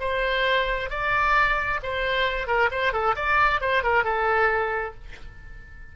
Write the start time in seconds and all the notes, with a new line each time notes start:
0.00 C5
0.90 D5
1.83 C5
2.47 A#4
2.71 C5
2.93 A4
3.16 D5
3.61 C5
3.83 A#4
4.04 A4